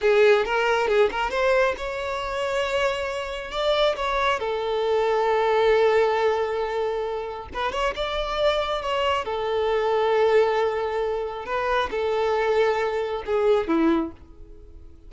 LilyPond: \new Staff \with { instrumentName = "violin" } { \time 4/4 \tempo 4 = 136 gis'4 ais'4 gis'8 ais'8 c''4 | cis''1 | d''4 cis''4 a'2~ | a'1~ |
a'4 b'8 cis''8 d''2 | cis''4 a'2.~ | a'2 b'4 a'4~ | a'2 gis'4 e'4 | }